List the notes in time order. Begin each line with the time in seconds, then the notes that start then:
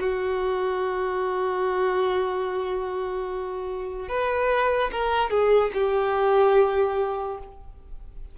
0.00 F#4
4.09 B4
4.92 A#4
5.30 G#4
5.74 G4